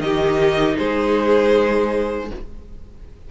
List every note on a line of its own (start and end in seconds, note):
0.00 0.76 D#3
0.00 2.31 D#4
0.00 0.78 G4
0.00 0.77 D#5
0.78 2.31 G#3
0.78 2.30 G#4
0.78 2.30 C5